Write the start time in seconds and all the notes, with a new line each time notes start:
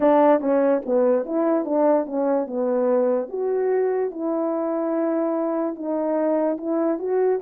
0.00 D4
0.40 C#4
0.85 B3
1.25 E4
1.64 D4
2.05 C#4
2.47 B3
3.28 F#4
4.10 E4
5.75 D#4
6.58 E4
6.99 F#4